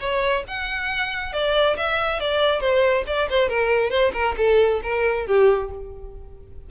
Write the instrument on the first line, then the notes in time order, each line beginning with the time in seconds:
violin
0.00 C#5
0.48 F#5
1.33 D5
1.77 E5
2.20 D5
2.61 C5
3.07 D5
3.30 C5
3.49 A#4
3.90 C5
4.13 A#4
4.37 A4
4.83 A#4
5.27 G4